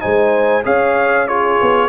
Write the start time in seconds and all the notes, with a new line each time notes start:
0.00 G#3 D#4 C5 G#5
0.64 C#4 G#4 C#5 F5
1.27 F4 G#4 C#5
1.62 B3